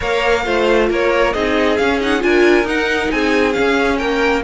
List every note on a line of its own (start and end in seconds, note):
0.00 0.45 A#3
0.00 0.44 A#4
0.00 0.43 C#5
0.00 0.90 F5
0.44 0.90 A3
0.44 1.33 F4
0.44 0.89 C5
0.90 1.34 A#3
0.90 1.34 A#4
0.90 1.33 C#5
1.33 1.79 C4
1.33 1.78 D#4
1.33 2.22 G#4
1.33 1.77 D#5
1.77 2.23 C#4
1.77 1.99 C#4
1.77 1.99 F5
1.99 2.19 D#4
1.99 2.22 F#5
2.19 2.63 D4
2.19 2.64 F4
2.19 3.14 A#4
2.19 2.67 G#5
2.63 3.08 D#4
2.63 3.53 D#4
2.63 3.11 F#5
3.11 3.56 C4
3.11 3.98 G#4
3.11 3.52 G#5
3.52 4.42 C#4
3.52 4.00 C#4
3.52 3.97 F5
3.98 4.43 A#3
3.98 4.43 A#4
3.98 4.42 G5